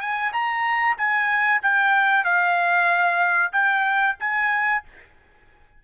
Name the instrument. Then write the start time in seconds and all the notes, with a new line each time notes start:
trumpet
0.00 G#5
0.32 A#5
0.97 G#5
1.62 G5
2.24 F5
3.52 G5
4.20 G#5